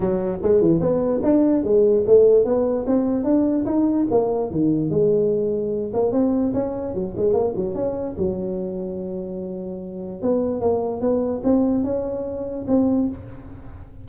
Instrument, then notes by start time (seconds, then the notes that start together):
tuba
0.00 F#3
0.42 G#3
0.61 E3
0.80 B3
1.23 D4
1.63 G#3
2.06 A3
2.45 B3
2.86 C4
3.24 D4
3.65 D#4
4.10 A#3
4.50 D#3
4.90 G#3
5.93 A#3
6.12 C4
6.53 C#4
6.94 F#3
7.16 G#3
7.33 A#3
7.55 F#3
7.75 C#4
8.17 F#3
10.22 B3
10.60 A#3
11.01 B3
11.43 C4
11.84 C#4
12.67 C4